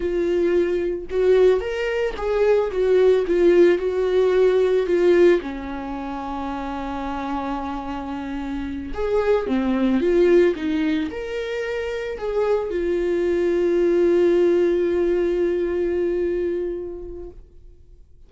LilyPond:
\new Staff \with { instrumentName = "viola" } { \time 4/4 \tempo 4 = 111 f'2 fis'4 ais'4 | gis'4 fis'4 f'4 fis'4~ | fis'4 f'4 cis'2~ | cis'1~ |
cis'8 gis'4 c'4 f'4 dis'8~ | dis'8 ais'2 gis'4 f'8~ | f'1~ | f'1 | }